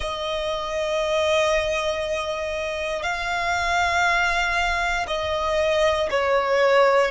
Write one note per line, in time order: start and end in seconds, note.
0.00 3.02 D#5
3.02 5.06 F5
5.07 6.09 D#5
6.10 7.11 C#5